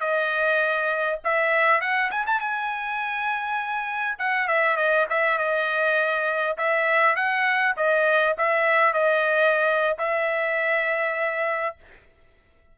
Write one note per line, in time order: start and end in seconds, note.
0.00 1.19 D#5
1.24 1.81 E5
1.81 2.10 F#5
2.11 2.25 G#5
2.26 2.40 A5
2.40 4.18 G#5
4.18 4.47 F#5
4.47 4.76 E5
4.76 5.06 D#5
5.09 5.38 E5
5.38 6.56 D#5
6.57 7.15 E5
7.15 7.75 F#5
7.76 8.36 D#5
8.37 8.93 E5
8.93 9.97 D#5
9.98 11.76 E5